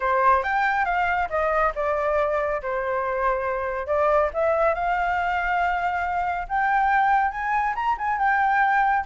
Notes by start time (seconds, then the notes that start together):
0.00 C5
0.43 G5
0.85 F5
1.29 D#5
1.75 D5
2.62 C5
3.86 D5
4.33 E5
4.74 F5
6.48 G5
7.31 G#5
7.75 A#5
7.97 G#5
8.18 G5